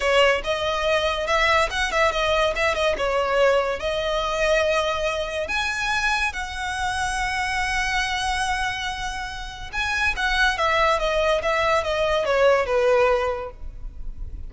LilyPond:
\new Staff \with { instrumentName = "violin" } { \time 4/4 \tempo 4 = 142 cis''4 dis''2 e''4 | fis''8 e''8 dis''4 e''8 dis''8 cis''4~ | cis''4 dis''2.~ | dis''4 gis''2 fis''4~ |
fis''1~ | fis''2. gis''4 | fis''4 e''4 dis''4 e''4 | dis''4 cis''4 b'2 | }